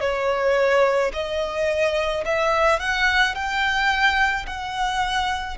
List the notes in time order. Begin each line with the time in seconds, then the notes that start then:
0.00 C#5
1.13 D#5
2.25 E5
2.79 F#5
3.34 G5
4.46 F#5